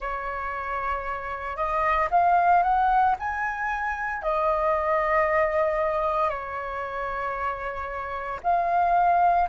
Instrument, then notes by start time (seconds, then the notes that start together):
flute
0.00 C#5
1.56 D#5
2.11 F5
2.62 F#5
3.19 G#5
4.22 D#5
6.29 C#5
8.43 F5